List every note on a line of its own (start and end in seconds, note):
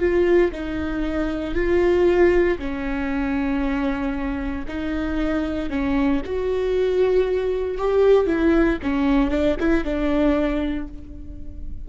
0.00 0.52 F4
0.52 1.55 D#4
1.55 2.58 F4
2.59 4.66 C#4
4.68 5.70 D#4
5.70 6.22 C#4
6.25 7.78 F#4
7.78 8.27 G4
8.27 8.78 E4
8.83 9.31 C#4
9.31 9.56 D4
9.60 9.85 E4
9.85 10.88 D4